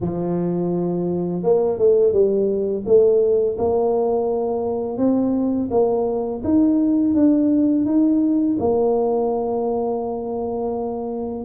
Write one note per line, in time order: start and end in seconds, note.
0.01 1.43 F3
1.43 1.78 A#3
1.78 2.12 A3
2.12 2.84 G3
2.86 3.57 A3
3.57 4.97 A#3
4.97 5.69 C4
5.70 6.42 A#3
6.44 7.14 D#4
7.14 7.85 D4
7.85 8.56 D#4
8.59 11.44 A#3